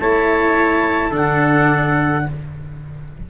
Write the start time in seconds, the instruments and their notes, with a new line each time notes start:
0.00 tuba A3, cello E4, trumpet C#5, clarinet A5
1.11 tuba D3, cello D4, trumpet A4, clarinet F#5